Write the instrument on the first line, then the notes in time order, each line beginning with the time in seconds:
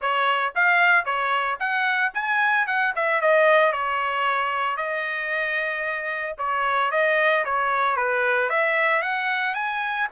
trumpet
0.01 C#5
0.55 F5
1.05 C#5
1.59 F#5
2.14 G#5
2.66 F#5
2.95 E5
3.21 D#5
3.72 C#5
4.76 D#5
6.38 C#5
6.91 D#5
7.44 C#5
7.96 B4
8.49 E5
9.01 F#5
9.54 G#5